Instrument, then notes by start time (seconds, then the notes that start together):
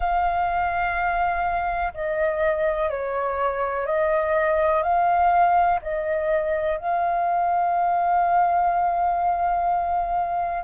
flute
0.00 F5
1.94 D#5
2.89 C#5
3.85 D#5
4.82 F5
5.82 D#5
6.77 F5